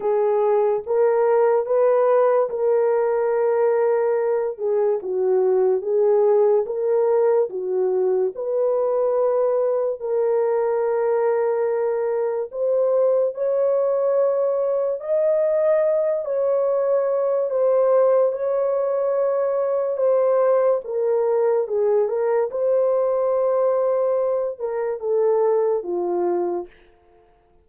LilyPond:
\new Staff \with { instrumentName = "horn" } { \time 4/4 \tempo 4 = 72 gis'4 ais'4 b'4 ais'4~ | ais'4. gis'8 fis'4 gis'4 | ais'4 fis'4 b'2 | ais'2. c''4 |
cis''2 dis''4. cis''8~ | cis''4 c''4 cis''2 | c''4 ais'4 gis'8 ais'8 c''4~ | c''4. ais'8 a'4 f'4 | }